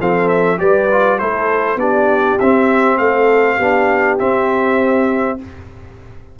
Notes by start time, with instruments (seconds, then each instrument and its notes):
0.00 tuba F3, trombone C4, horn A4, trumpet F5
0.29 trumpet E5
0.58 tuba G3, trombone G4, horn B4, trumpet D5
0.92 trombone F4
1.19 tuba A3, trombone E4, horn A4, trumpet C5
1.76 tuba B3, trombone D4, horn G4, trumpet D5
2.40 tuba C4, trombone C4, trumpet E5
2.98 tuba A3, horn A4, trumpet F5
3.57 tuba B3, trombone D4, horn G4
4.19 trombone C4, tuba C4, trumpet E5